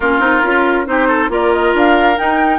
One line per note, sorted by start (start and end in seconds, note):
0.00 0.19 A#3
0.00 0.20 C#4
0.00 0.85 F4
0.00 0.86 A#4
0.19 0.40 C4
0.19 0.42 D#4
0.42 0.87 C#4
0.42 0.85 F4
0.85 1.29 C4
0.85 1.28 D#4
0.85 1.07 G4
0.85 1.30 C5
1.07 1.29 A4
1.28 1.72 A#3
1.28 2.15 F4
1.28 2.58 A#4
1.28 1.52 D5
1.52 1.74 D#5
1.74 2.17 D4
1.74 2.17 F5
2.17 2.58 D#4
2.17 2.58 G5